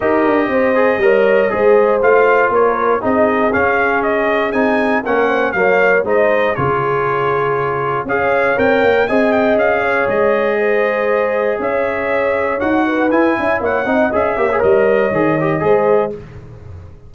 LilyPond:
<<
  \new Staff \with { instrumentName = "trumpet" } { \time 4/4 \tempo 4 = 119 dis''1 | f''4 cis''4 dis''4 f''4 | dis''4 gis''4 fis''4 f''4 | dis''4 cis''2. |
f''4 g''4 gis''8 g''8 f''4 | dis''2. e''4~ | e''4 fis''4 gis''4 fis''4 | e''4 dis''2. | }
  \new Staff \with { instrumentName = "horn" } { \time 4/4 ais'4 c''4 cis''4 c''4~ | c''4 ais'4 gis'2~ | gis'2 ais'8 c''8 cis''4 | c''4 gis'2. |
cis''2 dis''4. cis''8~ | cis''4 c''2 cis''4~ | cis''4. b'4 e''8 cis''8 dis''8~ | dis''8 cis''2~ cis''8 c''4 | }
  \new Staff \with { instrumentName = "trombone" } { \time 4/4 g'4. gis'8 ais'4 gis'4 | f'2 dis'4 cis'4~ | cis'4 dis'4 cis'4 ais4 | dis'4 f'2. |
gis'4 ais'4 gis'2~ | gis'1~ | gis'4 fis'4 e'4. dis'8 | gis'8 g'16 gis'16 ais'4 gis'8 g'8 gis'4 | }
  \new Staff \with { instrumentName = "tuba" } { \time 4/4 dis'8 d'8 c'4 g4 gis4 | a4 ais4 c'4 cis'4~ | cis'4 c'4 ais4 fis4 | gis4 cis2. |
cis'4 c'8 ais8 c'4 cis'4 | gis2. cis'4~ | cis'4 dis'4 e'8 cis'8 ais8 c'8 | cis'8 ais8 g4 dis4 gis4 | }
>>